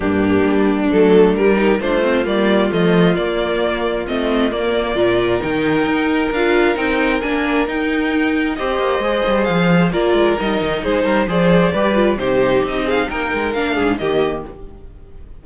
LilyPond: <<
  \new Staff \with { instrumentName = "violin" } { \time 4/4 \tempo 4 = 133 g'2 a'4 ais'4 | c''4 d''4 dis''4 d''4~ | d''4 dis''4 d''2 | g''2 f''4 g''4 |
gis''4 g''2 dis''4~ | dis''4 f''4 d''4 dis''4 | c''4 d''2 c''4 | dis''8 f''8 g''4 f''4 dis''4 | }
  \new Staff \with { instrumentName = "violin" } { \time 4/4 d'2.~ d'8 g'8 | f'1~ | f'2. ais'4~ | ais'1~ |
ais'2. c''4~ | c''2 ais'2 | gis'8 ais'8 c''4 b'4 g'4~ | g'8 gis'8 ais'4. gis'8 g'4 | }
  \new Staff \with { instrumentName = "viola" } { \time 4/4 ais2 a4 g8 dis'8 | d'8 c'8 ais4 a4 ais4~ | ais4 c'4 ais4 f'4 | dis'2 f'4 dis'4 |
d'4 dis'2 g'4 | gis'2 f'4 dis'4~ | dis'4 gis'4 g'8 f'8 dis'4~ | dis'2 d'4 ais4 | }
  \new Staff \with { instrumentName = "cello" } { \time 4/4 g,4 g4 fis4 g4 | a4 g4 f4 ais4~ | ais4 a4 ais4 ais,4 | dis4 dis'4 d'4 c'4 |
ais4 dis'2 c'8 ais8 | gis8 g8 f4 ais8 gis8 g8 dis8 | gis8 g8 f4 g4 c4 | c'4 ais8 gis8 ais8 gis,8 dis4 | }
>>